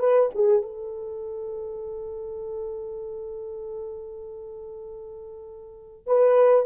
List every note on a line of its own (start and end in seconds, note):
0.00 0.30 B4
0.35 0.63 G#4
0.63 6.07 A4
6.07 6.66 B4